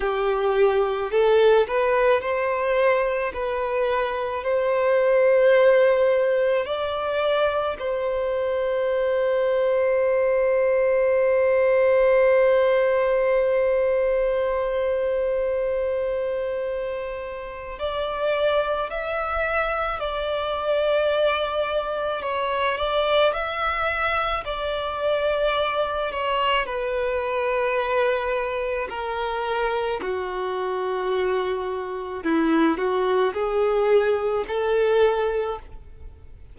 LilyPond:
\new Staff \with { instrumentName = "violin" } { \time 4/4 \tempo 4 = 54 g'4 a'8 b'8 c''4 b'4 | c''2 d''4 c''4~ | c''1~ | c''1 |
d''4 e''4 d''2 | cis''8 d''8 e''4 d''4. cis''8 | b'2 ais'4 fis'4~ | fis'4 e'8 fis'8 gis'4 a'4 | }